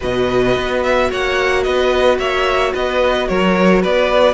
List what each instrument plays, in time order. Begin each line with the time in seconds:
0.00 cello B2, viola F#4, violin B4 D#5
0.56 cello B3
0.83 violin E5
1.09 cello A#3, violin C#5 F#5
1.63 cello B3, violin B4 D#5
2.18 cello A#3, violin C#5 E5
2.73 cello B3, violin B4 D#5
3.28 cello F#3, violin A#4 C#5
3.81 cello B3, violin B4 D5